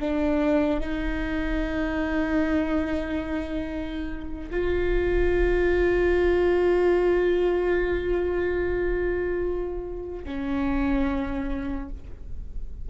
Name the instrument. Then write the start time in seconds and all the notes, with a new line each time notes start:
viola
0.00 D4
0.80 D#4
4.51 F4
10.25 C#4